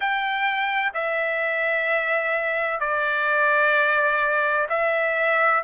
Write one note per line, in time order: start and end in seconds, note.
0.00 0.92 G5
0.94 2.80 E5
2.80 4.67 D5
4.69 5.62 E5